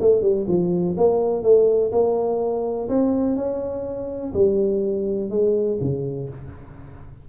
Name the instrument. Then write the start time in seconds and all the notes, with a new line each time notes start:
tuba
0.00 A3
0.22 G3
0.48 F3
0.97 A#3
1.43 A3
1.92 A#3
2.89 C4
3.36 C#4
4.34 G3
5.30 G#3
5.81 C#3